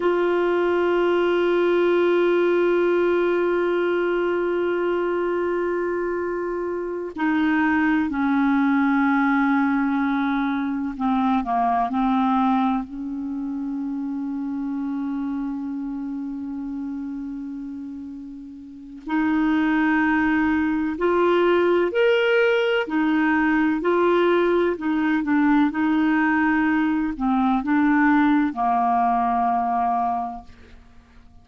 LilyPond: \new Staff \with { instrumentName = "clarinet" } { \time 4/4 \tempo 4 = 63 f'1~ | f'2.~ f'8 dis'8~ | dis'8 cis'2. c'8 | ais8 c'4 cis'2~ cis'8~ |
cis'1 | dis'2 f'4 ais'4 | dis'4 f'4 dis'8 d'8 dis'4~ | dis'8 c'8 d'4 ais2 | }